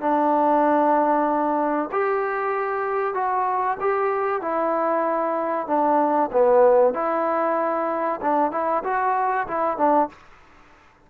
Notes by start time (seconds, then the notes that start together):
0.00 D4
1.91 G4
3.14 F#4
3.80 G4
4.41 E4
5.67 D4
6.32 B3
6.94 E4
8.21 D4
8.51 E4
8.84 F#4
9.47 E4
9.77 D4